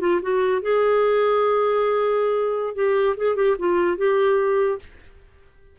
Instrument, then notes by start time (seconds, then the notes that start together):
clarinet
0.00 F4
0.22 F#4
0.62 G#4
2.75 G4
3.17 G#4
3.36 G4
3.58 F4
3.97 G4